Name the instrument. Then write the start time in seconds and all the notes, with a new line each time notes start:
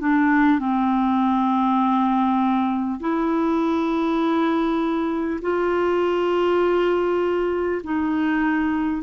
clarinet
0.00 D4
0.59 C4
3.01 E4
5.42 F4
7.84 D#4